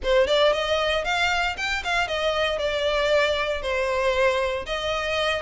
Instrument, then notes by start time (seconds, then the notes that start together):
violin
0.03 C5
0.27 D5
0.52 D#5
1.04 F5
1.57 G5
1.84 F5
2.07 D#5
2.58 D5
3.62 C5
4.66 D#5